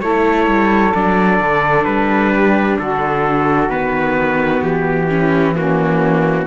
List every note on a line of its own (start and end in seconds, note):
0.00 0.47 A3
0.00 0.94 E4
0.00 2.33 A4
0.00 0.92 C#5
0.47 0.93 G3
0.94 1.40 F#3
0.94 3.70 D4
0.94 1.84 D5
1.40 1.85 D3
1.84 2.77 G3
1.84 2.77 B4
2.33 2.79 G4
2.78 3.69 D3
2.78 5.10 F#4
2.78 3.70 A4
3.69 4.61 D#3
3.69 5.08 B3
3.69 4.62 B4
4.62 6.46 E3
4.62 5.55 G4
5.09 5.55 C#4
5.09 5.56 E4
5.55 6.46 A#3
5.55 6.46 C#4
5.55 6.46 F#4